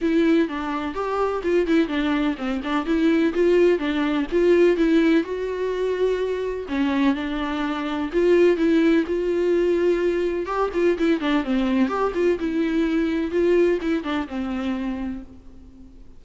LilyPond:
\new Staff \with { instrumentName = "viola" } { \time 4/4 \tempo 4 = 126 e'4 d'4 g'4 f'8 e'8 | d'4 c'8 d'8 e'4 f'4 | d'4 f'4 e'4 fis'4~ | fis'2 cis'4 d'4~ |
d'4 f'4 e'4 f'4~ | f'2 g'8 f'8 e'8 d'8 | c'4 g'8 f'8 e'2 | f'4 e'8 d'8 c'2 | }